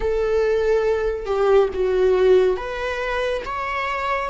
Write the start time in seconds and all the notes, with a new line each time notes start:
0.00 A4
1.25 G4
1.73 F#4
2.56 B4
3.45 C#5